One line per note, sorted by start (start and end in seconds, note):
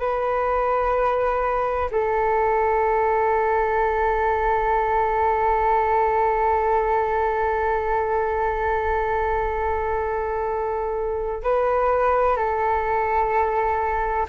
0.00 1.90 B4
1.91 11.44 A4
11.44 12.37 B4
12.37 14.27 A4